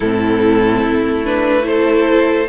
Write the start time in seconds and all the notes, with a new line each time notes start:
0.00 A2 C4 E4 A4
0.82 A3
1.24 D4 B4
1.62 E4 A4 C5